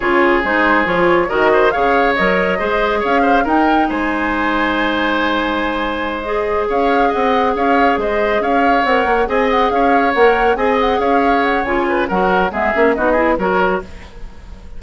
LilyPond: <<
  \new Staff \with { instrumentName = "flute" } { \time 4/4 \tempo 4 = 139 cis''4 c''4 cis''4 dis''4 | f''4 dis''2 f''4 | g''4 gis''2.~ | gis''2~ gis''8 dis''4 f''8~ |
f''8 fis''4 f''4 dis''4 f''8~ | f''8 fis''4 gis''8 fis''8 f''4 fis''8~ | fis''8 gis''8 fis''8 f''4 fis''8 gis''4 | fis''4 e''4 dis''4 cis''4 | }
  \new Staff \with { instrumentName = "oboe" } { \time 4/4 gis'2. ais'8 c''8 | cis''2 c''4 cis''8 c''8 | ais'4 c''2.~ | c''2.~ c''8 cis''8~ |
cis''8 dis''4 cis''4 c''4 cis''8~ | cis''4. dis''4 cis''4.~ | cis''8 dis''4 cis''2 b'8 | ais'4 gis'4 fis'8 gis'8 ais'4 | }
  \new Staff \with { instrumentName = "clarinet" } { \time 4/4 f'4 dis'4 f'4 fis'4 | gis'4 ais'4 gis'2 | dis'1~ | dis'2~ dis'8 gis'4.~ |
gis'1~ | gis'8 ais'4 gis'2 ais'8~ | ais'8 gis'2~ gis'8 f'4 | fis'4 b8 cis'8 dis'8 e'8 fis'4 | }
  \new Staff \with { instrumentName = "bassoon" } { \time 4/4 cis4 gis4 f4 dis4 | cis4 fis4 gis4 cis'4 | dis'4 gis2.~ | gis2.~ gis8 cis'8~ |
cis'8 c'4 cis'4 gis4 cis'8~ | cis'8 c'8 ais8 c'4 cis'4 ais8~ | ais8 c'4 cis'4. cis4 | fis4 gis8 ais8 b4 fis4 | }
>>